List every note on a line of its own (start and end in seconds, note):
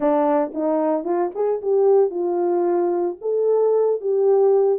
0.00 0.52 D4
0.54 1.04 D#4
1.04 1.31 F4
1.34 1.61 G#4
1.61 2.10 G4
2.10 3.16 F4
3.21 4.00 A4
4.01 4.79 G4